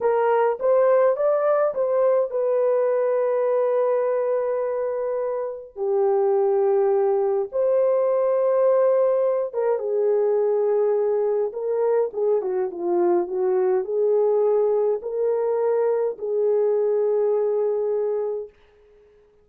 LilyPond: \new Staff \with { instrumentName = "horn" } { \time 4/4 \tempo 4 = 104 ais'4 c''4 d''4 c''4 | b'1~ | b'2 g'2~ | g'4 c''2.~ |
c''8 ais'8 gis'2. | ais'4 gis'8 fis'8 f'4 fis'4 | gis'2 ais'2 | gis'1 | }